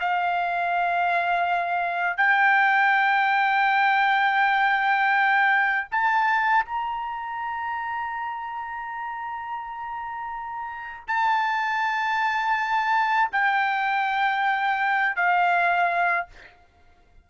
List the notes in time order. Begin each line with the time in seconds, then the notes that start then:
0.00 F5
2.18 G5
5.91 A5
6.65 A#5
11.08 A5
13.32 G5
15.16 F5